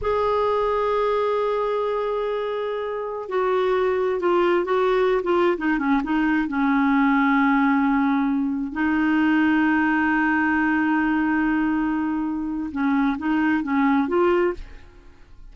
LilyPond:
\new Staff \with { instrumentName = "clarinet" } { \time 4/4 \tempo 4 = 132 gis'1~ | gis'2.~ gis'16 fis'8.~ | fis'4~ fis'16 f'4 fis'4~ fis'16 f'8~ | f'16 dis'8 cis'8 dis'4 cis'4.~ cis'16~ |
cis'2.~ cis'16 dis'8.~ | dis'1~ | dis'1 | cis'4 dis'4 cis'4 f'4 | }